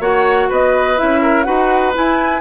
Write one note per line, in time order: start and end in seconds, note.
0.00 0.48 A#3
0.00 0.97 F#4
0.00 0.49 C#5
0.00 0.50 F#5
0.49 1.00 B3
0.49 1.21 B4
0.49 0.99 D#5
0.97 1.47 C#4
0.97 1.45 E4
0.97 1.44 E5
1.22 1.46 A#4
1.44 1.95 D#4
1.44 1.93 F#4
1.44 2.42 B4
1.44 1.92 F#5
1.94 2.42 E4
1.94 2.42 G#5